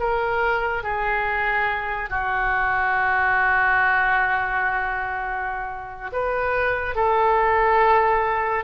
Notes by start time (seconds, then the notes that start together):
0.00 A#4
0.84 G#4
2.10 F#4
6.13 B4
6.96 A4